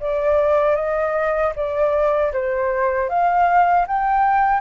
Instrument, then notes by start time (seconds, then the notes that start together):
flute
0.00 D5
0.76 D#5
1.56 D5
2.33 C5
3.09 F5
3.87 G5